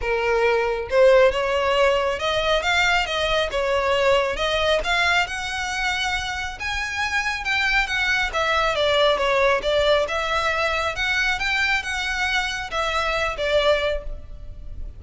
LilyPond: \new Staff \with { instrumentName = "violin" } { \time 4/4 \tempo 4 = 137 ais'2 c''4 cis''4~ | cis''4 dis''4 f''4 dis''4 | cis''2 dis''4 f''4 | fis''2. gis''4~ |
gis''4 g''4 fis''4 e''4 | d''4 cis''4 d''4 e''4~ | e''4 fis''4 g''4 fis''4~ | fis''4 e''4. d''4. | }